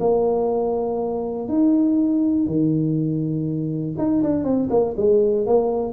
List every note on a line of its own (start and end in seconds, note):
0.00 1.48 A#3
1.48 2.47 D#4
2.47 3.96 D#3
3.98 4.23 D#4
4.23 4.44 D4
4.44 4.69 C4
4.70 4.95 A#3
4.97 5.46 G#3
5.46 5.93 A#3